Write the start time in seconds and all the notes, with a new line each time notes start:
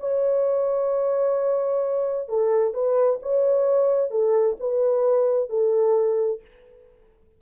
0.00 C#5
2.29 A4
2.74 B4
3.22 C#5
4.11 A4
4.60 B4
5.50 A4